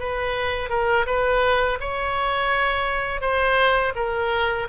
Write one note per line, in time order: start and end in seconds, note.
0.00 0.70 B4
0.70 1.06 A#4
1.07 1.79 B4
1.81 3.21 C#5
3.21 3.94 C5
3.96 4.68 A#4